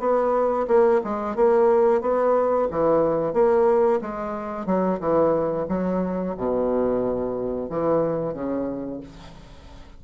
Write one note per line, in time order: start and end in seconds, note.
0.00 0.67 B3
0.68 1.01 A#3
1.04 1.36 G#3
1.36 2.02 A#3
2.02 2.68 B3
2.71 3.34 E3
3.34 4.00 A#3
4.02 4.67 G#3
4.67 5.00 F#3
5.00 5.67 E3
5.69 6.35 F#3
6.37 7.70 B2
7.70 8.34 E3
8.34 9.01 C#3